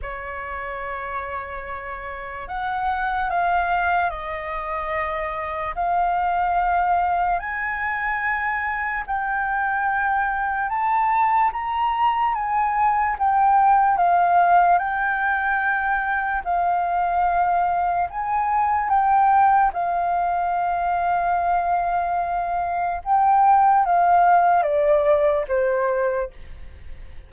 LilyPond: \new Staff \with { instrumentName = "flute" } { \time 4/4 \tempo 4 = 73 cis''2. fis''4 | f''4 dis''2 f''4~ | f''4 gis''2 g''4~ | g''4 a''4 ais''4 gis''4 |
g''4 f''4 g''2 | f''2 gis''4 g''4 | f''1 | g''4 f''4 d''4 c''4 | }